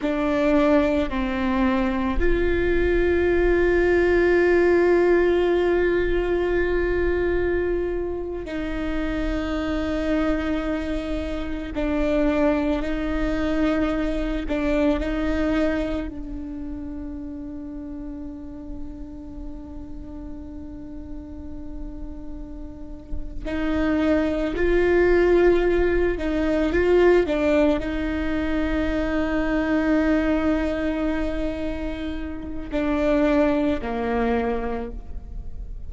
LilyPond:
\new Staff \with { instrumentName = "viola" } { \time 4/4 \tempo 4 = 55 d'4 c'4 f'2~ | f'2.~ f'8. dis'16~ | dis'2~ dis'8. d'4 dis'16~ | dis'4~ dis'16 d'8 dis'4 d'4~ d'16~ |
d'1~ | d'4. dis'4 f'4. | dis'8 f'8 d'8 dis'2~ dis'8~ | dis'2 d'4 ais4 | }